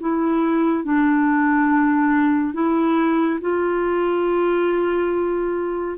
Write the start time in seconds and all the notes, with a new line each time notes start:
0.00 E4
0.84 D4
2.54 E4
3.41 F4